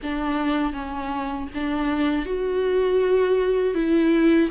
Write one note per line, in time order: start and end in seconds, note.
0.02 0.73 D4
0.73 1.48 C#4
1.54 2.25 D4
2.25 3.74 F#4
3.74 4.49 E4